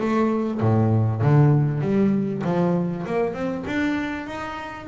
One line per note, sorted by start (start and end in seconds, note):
0.00 0.61 A3
0.61 1.22 A2
1.22 1.81 D3
1.81 2.42 G3
2.44 3.06 F3
3.06 3.34 A#3
3.34 3.65 C4
3.67 4.27 D4
4.27 4.88 D#4